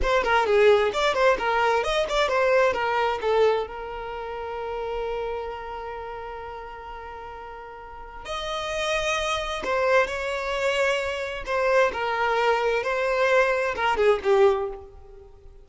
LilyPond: \new Staff \with { instrumentName = "violin" } { \time 4/4 \tempo 4 = 131 c''8 ais'8 gis'4 d''8 c''8 ais'4 | dis''8 d''8 c''4 ais'4 a'4 | ais'1~ | ais'1~ |
ais'2 dis''2~ | dis''4 c''4 cis''2~ | cis''4 c''4 ais'2 | c''2 ais'8 gis'8 g'4 | }